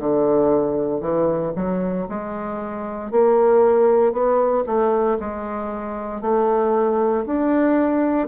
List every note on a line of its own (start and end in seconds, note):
0.00 1.01 D3
1.01 1.53 E3
1.56 2.08 F#3
2.09 3.11 G#3
3.11 4.13 A#3
4.13 4.65 B3
4.67 5.19 A3
5.20 6.22 G#3
6.22 7.25 A3
7.26 8.28 D4